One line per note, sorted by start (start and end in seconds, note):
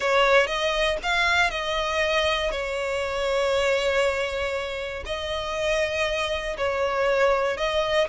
0.00 0.47 C#5
0.47 0.97 D#5
1.02 1.50 F5
1.50 2.51 D#5
2.51 5.03 C#5
5.05 6.57 D#5
6.57 7.57 C#5
7.57 8.07 D#5